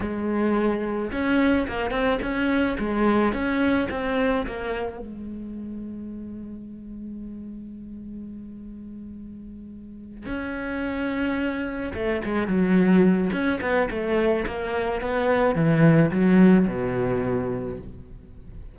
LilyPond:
\new Staff \with { instrumentName = "cello" } { \time 4/4 \tempo 4 = 108 gis2 cis'4 ais8 c'8 | cis'4 gis4 cis'4 c'4 | ais4 gis2.~ | gis1~ |
gis2~ gis8 cis'4.~ | cis'4. a8 gis8 fis4. | cis'8 b8 a4 ais4 b4 | e4 fis4 b,2 | }